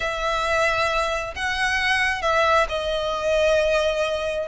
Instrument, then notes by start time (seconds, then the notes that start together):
violin
0.00 E5
1.35 F#5
2.22 E5
2.68 D#5